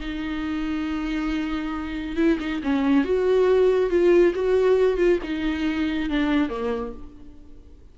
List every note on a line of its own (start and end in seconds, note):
0.00 2.16 D#4
2.16 2.38 E4
2.40 2.62 D#4
2.63 3.05 C#4
3.05 3.90 F#4
3.90 4.34 F4
4.35 4.97 F#4
4.97 5.19 F4
5.23 6.09 D#4
6.09 6.49 D4
6.49 6.93 A#3